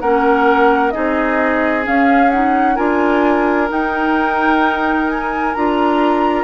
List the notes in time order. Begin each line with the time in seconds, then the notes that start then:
0.00 A#3 C#4 A#4 F#5
0.90 C4 D#4 G#4 D#5
1.82 C#4 F5
2.30 D#4 F#5
2.75 D4 F4 A#4 G#5
3.68 D#4 G5
5.08 G#5
5.54 D4 F4 A#5